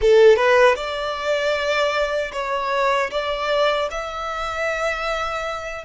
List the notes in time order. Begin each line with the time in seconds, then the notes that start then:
0.01 A4
0.36 B4
0.75 D5
2.32 C#5
3.10 D5
3.90 E5